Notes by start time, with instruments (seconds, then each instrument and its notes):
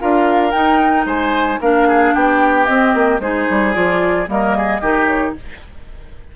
0.00 bassoon D4, clarinet F4, oboe A#4, flute F5
0.51 clarinet D#4, bassoon D#4, flute G5
1.06 bassoon G#3, oboe C5, flute G#5
1.61 bassoon A#3, clarinet D4, oboe A#4, flute F5
1.88 oboe G#4
2.14 bassoon B3, oboe G4, flute G5
2.66 clarinet C4, bassoon C4, flute D#5
2.95 bassoon A#3
3.20 bassoon G#3, clarinet D#4, oboe G#4, flute C5
3.51 bassoon G3
3.74 bassoon F3, clarinet F4, flute D5
4.27 bassoon G3, clarinet A#3, oboe A#4, flute D#5
4.57 oboe G#4
4.81 bassoon D#3, clarinet D#4, oboe G4
5.07 flute C#5